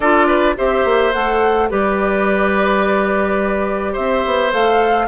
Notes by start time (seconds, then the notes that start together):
0.00 D4 F4 A4 D5
0.26 B4
0.56 C4 G4 C5 E5
0.84 A#3
1.12 A3 A4 F#5
1.69 G3 G4 B4 D5
3.92 C4 C5 E5
4.25 B3
4.51 A3 A4 F5